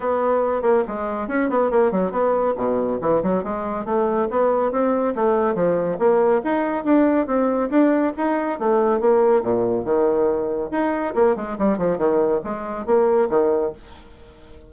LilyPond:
\new Staff \with { instrumentName = "bassoon" } { \time 4/4 \tempo 4 = 140 b4. ais8 gis4 cis'8 b8 | ais8 fis8 b4 b,4 e8 fis8 | gis4 a4 b4 c'4 | a4 f4 ais4 dis'4 |
d'4 c'4 d'4 dis'4 | a4 ais4 ais,4 dis4~ | dis4 dis'4 ais8 gis8 g8 f8 | dis4 gis4 ais4 dis4 | }